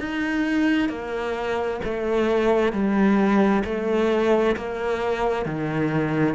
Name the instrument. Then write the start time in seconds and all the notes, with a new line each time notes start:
cello
0.00 D#4
0.89 A#3
1.84 A3
2.73 G3
3.65 A3
4.57 A#3
5.46 D#3